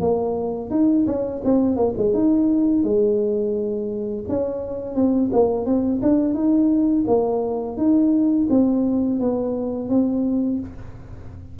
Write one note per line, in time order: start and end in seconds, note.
0.00 0.70 A#3
0.70 1.05 D#4
1.06 1.41 C#4
1.44 1.76 C4
1.76 1.93 A#3
1.97 2.13 G#3
2.13 2.83 D#4
2.83 4.24 G#3
4.28 4.94 C#4
4.94 5.30 C4
5.32 5.65 A#3
5.65 6.01 C4
6.02 6.34 D4
6.34 7.04 D#4
7.07 7.76 A#3
7.76 8.47 D#4
8.49 9.20 C4
9.20 9.89 B3
9.89 10.59 C4